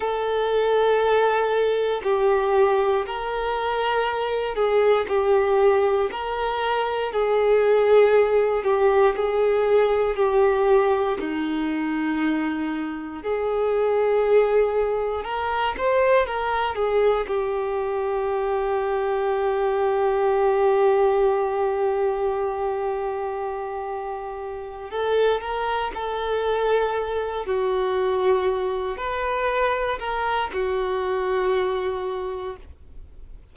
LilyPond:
\new Staff \with { instrumentName = "violin" } { \time 4/4 \tempo 4 = 59 a'2 g'4 ais'4~ | ais'8 gis'8 g'4 ais'4 gis'4~ | gis'8 g'8 gis'4 g'4 dis'4~ | dis'4 gis'2 ais'8 c''8 |
ais'8 gis'8 g'2.~ | g'1~ | g'8 a'8 ais'8 a'4. fis'4~ | fis'8 b'4 ais'8 fis'2 | }